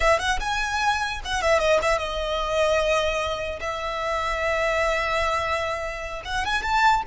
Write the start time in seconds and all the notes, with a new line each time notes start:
0.00 E5
0.19 F#5
0.40 G#5
1.24 F#5
1.41 E5
1.59 D#5
1.81 E5
1.98 D#5
3.60 E5
6.25 F#5
6.45 G#5
6.62 A5